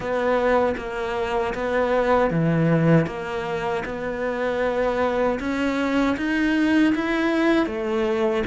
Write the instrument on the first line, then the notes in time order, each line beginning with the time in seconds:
cello
0.00 B3
0.77 A#3
1.54 B3
2.30 E3
3.06 A#3
3.85 B3
5.39 C#4
6.16 D#4
6.94 E4
7.66 A3